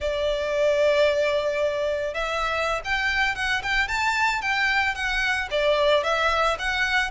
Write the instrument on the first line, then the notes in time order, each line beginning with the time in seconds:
violin
0.00 D5
2.14 E5
2.84 G5
3.35 F#5
3.62 G5
3.88 A5
4.41 G5
4.95 F#5
5.51 D5
6.03 E5
6.58 F#5